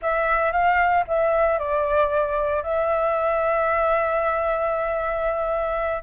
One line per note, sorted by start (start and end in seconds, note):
0.01 0.51 E5
0.51 1.04 F5
1.07 1.58 E5
1.58 2.62 D5
2.62 6.03 E5